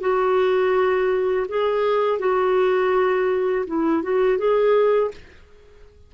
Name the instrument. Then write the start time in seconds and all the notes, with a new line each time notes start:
clarinet
0.00 F#4
1.48 G#4
2.19 F#4
3.66 E4
4.02 F#4
4.38 G#4